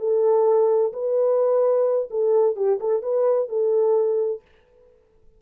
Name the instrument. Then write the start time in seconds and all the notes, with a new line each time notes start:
horn
0.00 A4
0.93 B4
2.11 A4
2.56 G4
2.81 A4
3.03 B4
3.49 A4